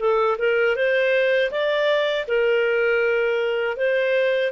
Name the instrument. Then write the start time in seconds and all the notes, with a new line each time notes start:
clarinet
0.00 A4
0.39 A#4
0.76 C5
1.51 D5
2.28 A#4
3.77 C5